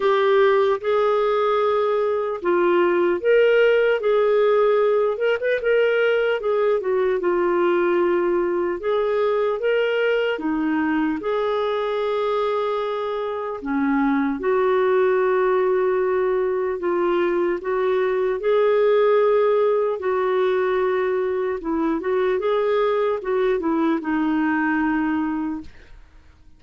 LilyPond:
\new Staff \with { instrumentName = "clarinet" } { \time 4/4 \tempo 4 = 75 g'4 gis'2 f'4 | ais'4 gis'4. ais'16 b'16 ais'4 | gis'8 fis'8 f'2 gis'4 | ais'4 dis'4 gis'2~ |
gis'4 cis'4 fis'2~ | fis'4 f'4 fis'4 gis'4~ | gis'4 fis'2 e'8 fis'8 | gis'4 fis'8 e'8 dis'2 | }